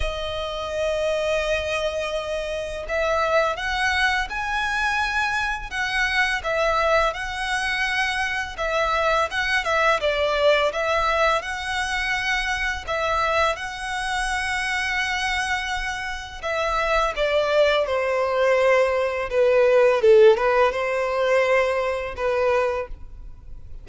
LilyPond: \new Staff \with { instrumentName = "violin" } { \time 4/4 \tempo 4 = 84 dis''1 | e''4 fis''4 gis''2 | fis''4 e''4 fis''2 | e''4 fis''8 e''8 d''4 e''4 |
fis''2 e''4 fis''4~ | fis''2. e''4 | d''4 c''2 b'4 | a'8 b'8 c''2 b'4 | }